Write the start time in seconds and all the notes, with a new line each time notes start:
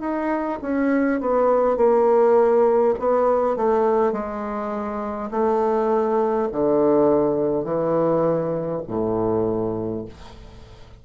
0.00 D#4
0.61 C#4
1.21 B3
1.77 A#3
2.99 B3
3.57 A3
4.12 G#3
5.31 A3
6.52 D3
7.64 E3
8.88 A2